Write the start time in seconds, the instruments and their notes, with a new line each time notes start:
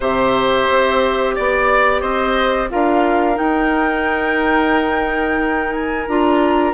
0.00 bassoon C3, clarinet G4, oboe C5, flute E5
0.69 bassoon C4
1.35 bassoon B3, oboe D5, flute D5
2.01 bassoon C4, oboe C5, flute D#5
2.70 bassoon D4, clarinet F4, oboe A#4, flute F5
3.35 clarinet D#4, bassoon D#4, flute G5
5.72 flute G#5
6.07 bassoon D4, clarinet F4, flute A#5